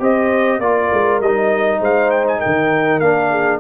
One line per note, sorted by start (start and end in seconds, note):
0.00 0.60 C4
0.00 0.60 G4
0.00 0.61 C5
0.00 0.60 D#5
0.60 0.90 A#3
0.60 1.22 F4
0.60 1.80 A#4
0.60 1.20 D5
0.93 1.21 G#3
1.21 1.80 G3
1.21 3.02 D#4
1.21 1.81 D#5
1.80 2.40 G#3
1.80 2.39 C5
1.80 2.11 F5
2.11 2.26 G5
2.28 2.40 G#5
2.39 3.29 A#4
2.39 3.00 G5
2.46 3.00 D#3
3.00 3.60 A#3
3.00 3.60 D4
3.00 3.60 F5
3.30 3.60 G#4